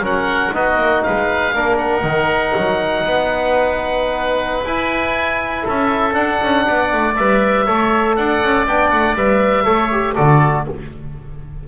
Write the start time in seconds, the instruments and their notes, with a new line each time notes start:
0.00 double bass F#3, trombone C#4, oboe A#4 F#5
0.53 double bass B3, trombone D#4, oboe F#4 D#5
0.77 double bass A#3
1.03 double bass G#3, oboe B4 F5
1.54 double bass A#3, trombone D4, oboe A#4
1.78 oboe F#5
2.03 double bass D#3, trombone D#4
2.57 double bass F#3
3.04 double bass B3, oboe B4
4.64 double bass E4, trombone E4, oboe G#5
5.65 double bass C#4, oboe A4 E5
6.13 trombone D4, double bass D4, oboe F#5
6.42 double bass C#4
6.68 double bass B3, oboe D5
6.93 double bass A3
7.17 double bass G3, trombone B4, oboe E5
7.66 double bass A3, trombone A4, oboe C#5
8.16 double bass D4, oboe D5 F#5
8.43 double bass C#4
8.67 double bass B3, trombone D4, oboe G5
8.91 double bass A3, oboe F#5
9.15 double bass G3, trombone B4, oboe E5
9.65 double bass A3, trombone A4, oboe C#5
9.92 trombone G4
10.15 double bass D3, trombone F#4, oboe A4 D5